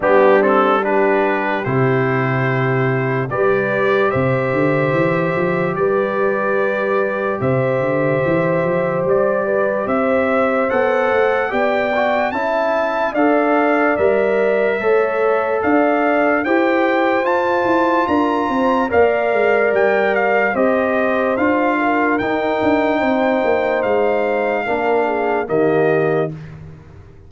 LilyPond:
<<
  \new Staff \with { instrumentName = "trumpet" } { \time 4/4 \tempo 4 = 73 g'8 a'8 b'4 c''2 | d''4 e''2 d''4~ | d''4 e''2 d''4 | e''4 fis''4 g''4 a''4 |
f''4 e''2 f''4 | g''4 a''4 ais''4 f''4 | g''8 f''8 dis''4 f''4 g''4~ | g''4 f''2 dis''4 | }
  \new Staff \with { instrumentName = "horn" } { \time 4/4 d'4 g'2. | b'4 c''2 b'4~ | b'4 c''2~ c''8 b'8 | c''2 d''4 e''4 |
d''2 cis''4 d''4 | c''2 ais'8 c''8 d''4~ | d''4 c''4. ais'4. | c''2 ais'8 gis'8 g'4 | }
  \new Staff \with { instrumentName = "trombone" } { \time 4/4 b8 c'8 d'4 e'2 | g'1~ | g'1~ | g'4 a'4 g'8 fis'8 e'4 |
a'4 ais'4 a'2 | g'4 f'2 ais'4~ | ais'4 g'4 f'4 dis'4~ | dis'2 d'4 ais4 | }
  \new Staff \with { instrumentName = "tuba" } { \time 4/4 g2 c2 | g4 c8 d8 e8 f8 g4~ | g4 c8 d8 e8 f8 g4 | c'4 b8 a8 b4 cis'4 |
d'4 g4 a4 d'4 | e'4 f'8 e'8 d'8 c'8 ais8 gis8 | g4 c'4 d'4 dis'8 d'8 | c'8 ais8 gis4 ais4 dis4 | }
>>